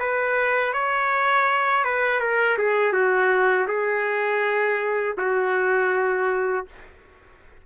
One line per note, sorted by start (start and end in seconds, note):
0.00 0.73 B4
0.73 1.85 C#5
1.85 2.21 B4
2.21 2.58 A#4
2.58 2.93 G#4
2.93 3.67 F#4
3.68 5.16 G#4
5.18 6.66 F#4